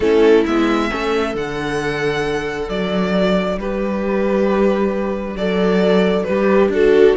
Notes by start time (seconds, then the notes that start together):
0.00 A3 C#4 E4 A4
0.46 G#3 B3 E5
0.90 A3 C#4 A4
1.34 D3 D4 F#5
2.69 F#3 D5
3.57 G3 G4 B4
5.35 F#3 A4 D5
6.24 G3 G4 B4
6.68 D4 F#4 A4